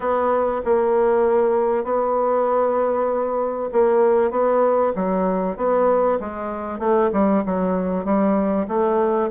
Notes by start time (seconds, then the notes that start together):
0.00 B3
0.64 A#3
1.84 B3
3.72 A#3
4.30 B3
4.95 F#3
5.56 B3
6.20 G#3
6.79 A3
7.12 G3
7.45 F#3
8.04 G3
8.68 A3